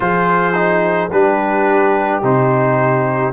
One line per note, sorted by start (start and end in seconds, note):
0.00 1.09 F3
0.00 0.53 F4
0.00 1.12 G#4
0.00 1.11 C5
0.53 1.09 D#4
1.11 2.22 G3
1.11 2.22 D4
1.11 3.32 G4
1.11 2.22 B4
2.22 3.32 C3
2.22 3.32 D#4
2.22 3.32 C5